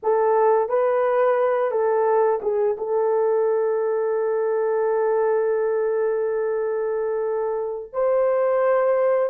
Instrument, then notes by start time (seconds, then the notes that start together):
horn
0.02 A4
0.69 B4
1.71 A4
2.42 G#4
2.77 A4
7.92 C5